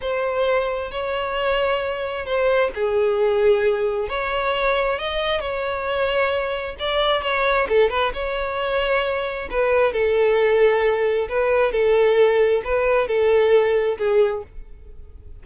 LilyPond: \new Staff \with { instrumentName = "violin" } { \time 4/4 \tempo 4 = 133 c''2 cis''2~ | cis''4 c''4 gis'2~ | gis'4 cis''2 dis''4 | cis''2. d''4 |
cis''4 a'8 b'8 cis''2~ | cis''4 b'4 a'2~ | a'4 b'4 a'2 | b'4 a'2 gis'4 | }